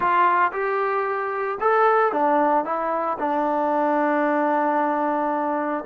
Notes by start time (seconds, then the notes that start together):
0.00 F4
0.52 G4
1.60 A4
2.12 D4
2.64 E4
3.19 D4